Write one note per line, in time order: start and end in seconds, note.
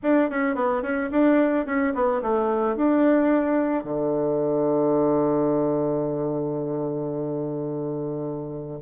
0.03 0.30 D4
0.30 0.55 C#4
0.55 0.82 B3
0.82 1.09 C#4
1.11 1.66 D4
1.66 1.93 C#4
1.94 2.21 B3
2.22 2.75 A3
2.75 3.84 D4
3.84 8.79 D3